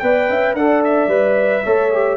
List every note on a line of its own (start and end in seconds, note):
0.00 0.30 B3
0.00 0.58 B4
0.00 0.30 D5
0.00 0.55 G5
0.30 0.54 C#4
0.30 0.57 E5
0.54 1.08 D4
0.54 1.10 A4
0.54 1.64 D5
0.54 0.83 F#5
0.84 2.17 E5
1.08 1.62 G3
1.08 1.64 B4
1.64 2.17 A3
1.64 1.93 A4
1.64 2.17 C#5
1.93 2.17 G4